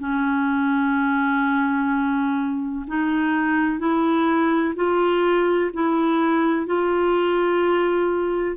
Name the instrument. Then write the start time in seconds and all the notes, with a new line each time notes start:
clarinet
0.00 C#4
2.87 D#4
3.79 E4
4.76 F4
5.74 E4
6.67 F4